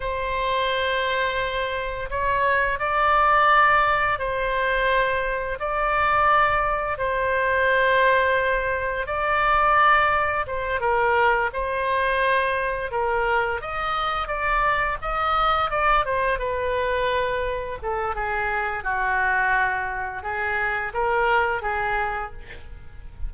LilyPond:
\new Staff \with { instrumentName = "oboe" } { \time 4/4 \tempo 4 = 86 c''2. cis''4 | d''2 c''2 | d''2 c''2~ | c''4 d''2 c''8 ais'8~ |
ais'8 c''2 ais'4 dis''8~ | dis''8 d''4 dis''4 d''8 c''8 b'8~ | b'4. a'8 gis'4 fis'4~ | fis'4 gis'4 ais'4 gis'4 | }